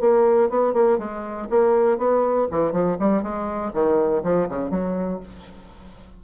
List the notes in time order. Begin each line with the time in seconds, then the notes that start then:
0.00 A#3
0.49 B3
0.73 A#3
0.98 G#3
1.49 A#3
1.97 B3
2.50 E3
2.72 F3
2.99 G3
3.22 G#3
3.73 D#3
4.23 F3
4.49 C#3
4.70 F#3